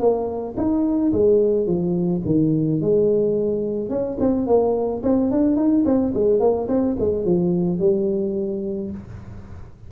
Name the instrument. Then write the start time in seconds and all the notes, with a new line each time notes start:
tuba
0.00 A#3
0.57 D#4
1.12 G#3
1.66 F3
2.25 D#3
2.81 G#3
3.90 C#4
4.20 C4
4.47 A#3
5.03 C4
5.31 D4
5.56 D#4
5.85 C4
6.14 G#3
6.40 A#3
6.68 C4
6.99 G#3
7.25 F3
7.79 G3